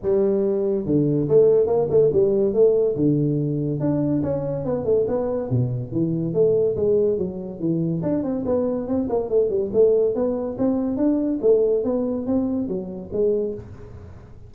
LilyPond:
\new Staff \with { instrumentName = "tuba" } { \time 4/4 \tempo 4 = 142 g2 d4 a4 | ais8 a8 g4 a4 d4~ | d4 d'4 cis'4 b8 a8 | b4 b,4 e4 a4 |
gis4 fis4 e4 d'8 c'8 | b4 c'8 ais8 a8 g8 a4 | b4 c'4 d'4 a4 | b4 c'4 fis4 gis4 | }